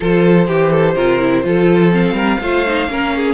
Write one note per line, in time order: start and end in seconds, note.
0.00 0.48 F3
0.00 0.47 F4
0.00 0.47 A4
0.00 1.94 C5
0.47 0.95 E3
0.47 0.70 G4
0.47 0.96 G4
0.70 0.94 A4
0.95 1.43 C3
0.95 1.19 F4
0.95 1.43 A#4
1.19 1.43 E4
1.43 2.12 F3
1.43 1.91 F4
1.43 2.15 A4
1.91 2.39 C4
1.91 3.34 F5
2.12 2.36 G3
2.12 2.39 A#4
2.40 2.88 A3
2.40 2.66 F4
2.40 2.90 C5
2.66 2.88 D#4
2.88 3.34 A#3
2.88 3.34 C#4
2.88 3.15 A#4
3.15 3.34 G#4